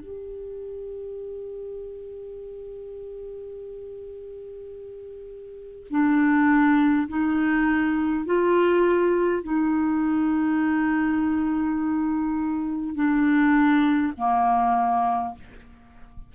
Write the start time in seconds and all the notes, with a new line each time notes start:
0.00 G4
5.90 D4
7.09 D#4
8.26 F4
9.43 D#4
12.96 D4
14.18 A#3